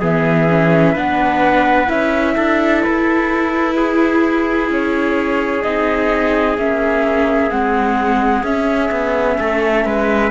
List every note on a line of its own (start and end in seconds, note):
0.00 0.95 E3
0.00 0.48 B3
0.00 0.92 G#4
0.00 0.97 E5
0.49 0.96 C#4
0.92 1.89 B3
0.92 1.87 D4
0.92 2.33 B4
0.92 1.90 F#5
1.87 2.37 C#4
1.87 5.62 E4
1.87 2.82 E5
2.36 2.84 D4
2.36 3.77 A4
2.82 4.70 E4
2.82 4.70 B4
3.77 9.39 G#4
4.70 5.63 C#4
4.70 5.62 C#5
5.62 6.58 C4
5.62 6.57 D#4
5.62 6.56 D#5
6.58 7.51 A#3
6.58 7.50 C#4
6.58 7.50 E5
7.50 8.43 G#3
7.50 8.44 C4
7.50 8.44 F#5
8.43 8.90 C#4
8.43 10.31 C#4
8.43 10.31 E5
8.91 9.38 B3
9.39 9.85 A3
9.39 9.86 A4
9.85 10.31 G#3
9.85 10.31 B4